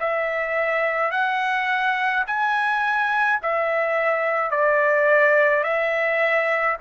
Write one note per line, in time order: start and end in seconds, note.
0.00 1.12 E5
1.12 2.25 F#5
2.27 3.40 G#5
3.43 4.51 E5
4.51 5.63 D5
5.63 6.77 E5